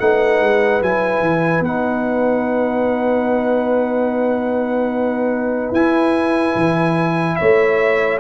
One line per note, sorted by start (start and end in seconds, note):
0.00 0.41 A3
0.00 0.82 D#4
0.00 7.39 B4
0.00 0.82 F#5
0.41 0.82 G#3
0.82 1.21 F#3
0.82 1.65 E4
0.82 1.64 G#5
1.21 1.60 E3
1.60 5.71 B3
1.60 5.75 D#4
1.60 5.74 F#5
5.72 6.54 E4
5.72 8.21 E4
5.72 7.36 G#5
6.55 7.38 E3
7.36 8.21 A3
7.36 8.21 C#5
7.36 8.18 E5